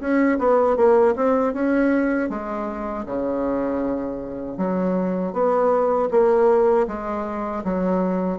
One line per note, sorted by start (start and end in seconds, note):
0.00 0.38 C#4
0.38 0.76 B3
0.76 1.14 A#3
1.15 1.53 C4
1.53 2.29 C#4
2.29 3.05 G#3
3.06 4.57 C#3
4.57 5.33 F#3
5.33 6.09 B3
6.11 6.87 A#3
6.87 7.63 G#3
7.64 8.39 F#3